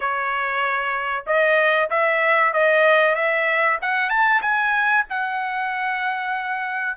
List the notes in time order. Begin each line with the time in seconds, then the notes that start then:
0.00 C#5
1.26 D#5
1.90 E5
2.53 D#5
3.15 E5
3.81 F#5
4.09 A5
4.41 G#5
5.09 F#5